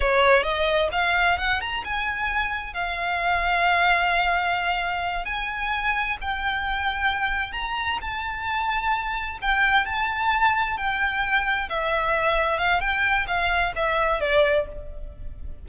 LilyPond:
\new Staff \with { instrumentName = "violin" } { \time 4/4 \tempo 4 = 131 cis''4 dis''4 f''4 fis''8 ais''8 | gis''2 f''2~ | f''2.~ f''8 gis''8~ | gis''4. g''2~ g''8~ |
g''8 ais''4 a''2~ a''8~ | a''8 g''4 a''2 g''8~ | g''4. e''2 f''8 | g''4 f''4 e''4 d''4 | }